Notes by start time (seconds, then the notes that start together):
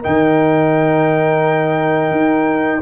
0.00 D#3 D#4 A#4 G5
2.11 D#4